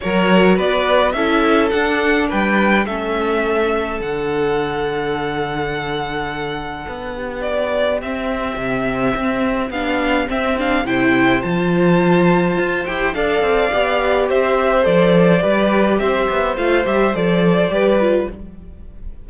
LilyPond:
<<
  \new Staff \with { instrumentName = "violin" } { \time 4/4 \tempo 4 = 105 cis''4 d''4 e''4 fis''4 | g''4 e''2 fis''4~ | fis''1~ | fis''4 d''4 e''2~ |
e''4 f''4 e''8 f''8 g''4 | a''2~ a''8 g''8 f''4~ | f''4 e''4 d''2 | e''4 f''8 e''8 d''2 | }
  \new Staff \with { instrumentName = "violin" } { \time 4/4 ais'4 b'4 a'2 | b'4 a'2.~ | a'1~ | a'8 g'2.~ g'8~ |
g'2. c''4~ | c''2. d''4~ | d''4 c''2 b'4 | c''2. b'4 | }
  \new Staff \with { instrumentName = "viola" } { \time 4/4 fis'2 e'4 d'4~ | d'4 cis'2 d'4~ | d'1~ | d'2 c'2~ |
c'4 d'4 c'8 d'8 e'4 | f'2~ f'8 g'8 a'4 | g'2 a'4 g'4~ | g'4 f'8 g'8 a'4 g'8 f'8 | }
  \new Staff \with { instrumentName = "cello" } { \time 4/4 fis4 b4 cis'4 d'4 | g4 a2 d4~ | d1 | b2 c'4 c4 |
c'4 b4 c'4 c4 | f2 f'8 e'8 d'8 c'8 | b4 c'4 f4 g4 | c'8 b8 a8 g8 f4 g4 | }
>>